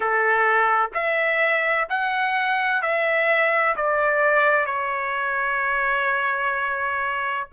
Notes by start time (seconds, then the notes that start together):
0.00 A4
0.94 E5
1.89 F#5
2.82 E5
3.75 D5
4.65 C#5